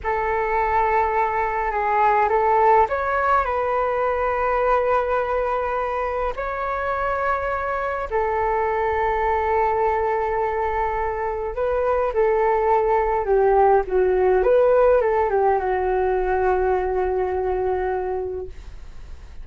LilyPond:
\new Staff \with { instrumentName = "flute" } { \time 4/4 \tempo 4 = 104 a'2. gis'4 | a'4 cis''4 b'2~ | b'2. cis''4~ | cis''2 a'2~ |
a'1 | b'4 a'2 g'4 | fis'4 b'4 a'8 g'8 fis'4~ | fis'1 | }